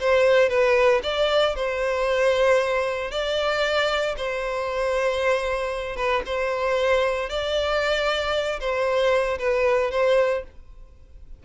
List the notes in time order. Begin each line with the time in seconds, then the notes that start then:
0.00 C5
0.49 B4
1.03 D5
1.56 C5
3.11 D5
4.17 C5
5.96 B4
6.26 C5
7.29 D5
8.60 C5
9.39 B4
9.91 C5